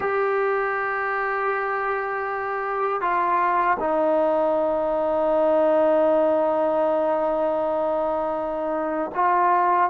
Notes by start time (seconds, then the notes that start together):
0.00 G4
3.01 F4
3.79 D#4
9.14 F4